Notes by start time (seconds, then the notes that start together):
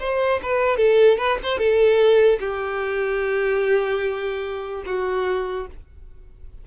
0.00 C5
0.43 B4
0.77 A4
1.18 B4
1.43 C5
1.58 A4
2.40 G4
4.86 F#4